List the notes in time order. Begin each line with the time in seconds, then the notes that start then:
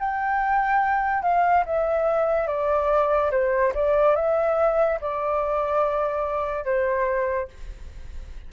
0.00 G5
1.23 F5
1.66 E5
2.47 D5
3.31 C5
3.74 D5
4.16 E5
5.01 D5
6.65 C5